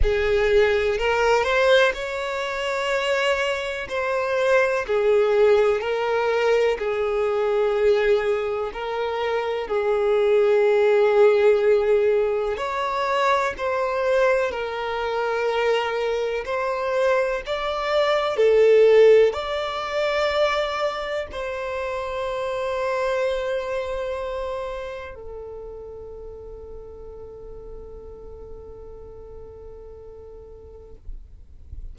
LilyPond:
\new Staff \with { instrumentName = "violin" } { \time 4/4 \tempo 4 = 62 gis'4 ais'8 c''8 cis''2 | c''4 gis'4 ais'4 gis'4~ | gis'4 ais'4 gis'2~ | gis'4 cis''4 c''4 ais'4~ |
ais'4 c''4 d''4 a'4 | d''2 c''2~ | c''2 a'2~ | a'1 | }